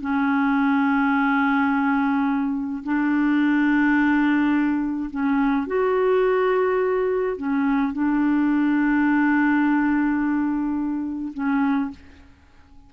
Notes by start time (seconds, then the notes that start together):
0.00 C#4
2.84 D4
5.10 C#4
5.67 F#4
7.37 C#4
7.92 D4
11.33 C#4